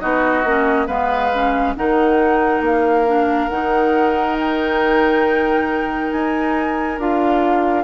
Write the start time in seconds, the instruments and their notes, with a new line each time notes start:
0.00 bassoon B3, clarinet D#4, oboe F#4, flute D#5
0.44 bassoon A#3, clarinet C#4
0.87 bassoon G#3, clarinet B3, oboe B4, flute F5
1.34 clarinet C#4
1.76 bassoon D#3, clarinet D#4, oboe A#4, flute F#5
2.61 bassoon A#3, flute F5
3.07 clarinet D4
3.49 bassoon D#3, clarinet D#4, flute F#5
4.39 flute G5
6.12 bassoon D#4, flute G#5
6.98 bassoon D4, clarinet F4, flute F5